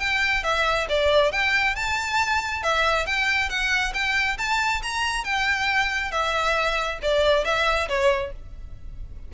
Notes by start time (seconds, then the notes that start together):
0.00 G5
0.44 E5
0.89 D5
1.32 G5
1.76 A5
2.63 E5
3.07 G5
3.50 F#5
3.94 G5
4.38 A5
4.83 A#5
5.25 G5
6.12 E5
7.03 D5
7.45 E5
7.89 C#5